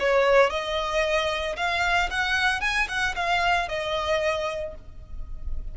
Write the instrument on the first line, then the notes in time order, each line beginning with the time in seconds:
violin
0.00 C#5
0.50 D#5
1.57 F5
2.11 F#5
2.61 G#5
2.89 F#5
3.16 F5
3.69 D#5